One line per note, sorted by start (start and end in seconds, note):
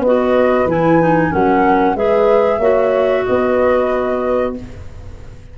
0.00 0.65 B3
0.00 1.31 B4
0.00 0.69 D#5
0.06 0.70 F#4
0.66 1.31 E3
0.66 1.01 E4
0.66 1.33 G#5
1.01 1.31 D#4
1.31 1.95 F#3
1.31 1.96 C#4
1.31 1.97 A#4
1.31 1.97 F#5
1.95 2.59 G#3
1.95 2.61 G#4
1.95 2.59 B4
1.95 3.25 E5
2.59 3.24 A#3
2.59 4.56 F#4
2.59 3.24 C#5
3.25 4.58 B3
3.25 4.58 B4
3.25 4.54 D#5